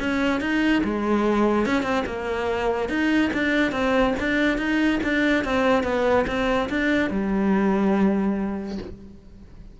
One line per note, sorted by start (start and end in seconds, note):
0.00 0.41 C#4
0.41 0.83 D#4
0.84 1.66 G#3
1.66 1.83 C#4
1.83 2.04 C4
2.06 2.89 A#3
2.89 3.31 D#4
3.33 3.72 D4
3.72 4.14 C4
4.19 4.58 D4
4.58 5.00 D#4
5.03 5.44 D4
5.44 5.83 C4
5.83 6.25 B3
6.27 6.69 C4
6.69 7.10 D4
7.10 8.78 G3